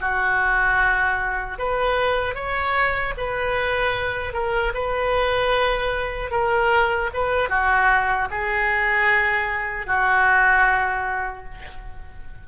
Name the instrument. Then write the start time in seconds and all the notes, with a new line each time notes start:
oboe
0.00 F#4
1.58 B4
2.34 C#5
3.17 B4
4.33 A#4
4.74 B4
6.31 A#4
7.13 B4
7.49 F#4
8.30 G#4
9.86 F#4